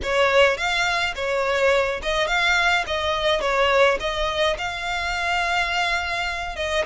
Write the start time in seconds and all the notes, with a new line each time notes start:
0.02 C#5
0.57 F5
1.15 C#5
2.02 D#5
2.27 F5
2.86 D#5
3.41 C#5
3.99 D#5
4.57 F5
6.56 D#5